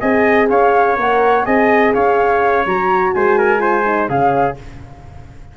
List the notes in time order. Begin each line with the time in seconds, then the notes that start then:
0.00 C4 G#4 D#5 G#5
0.49 C#4 C#5 F5
0.96 A#3 A#4 F#5
1.45 C4 G#4 D#5 G#5
1.94 C#4 C#5 F5
2.65 F#3 F#4 A#5
3.13 G#3 C5 G#5
3.39 A#4
3.59 F4 C5
3.86 D#4
4.09 C#3 C#4 G#4 F5